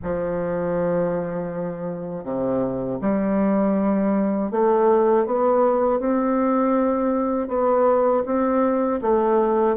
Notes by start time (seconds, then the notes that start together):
0.02 F3
2.24 C3
3.01 G3
4.51 A3
5.26 B3
5.99 C4
7.48 B3
8.25 C4
9.01 A3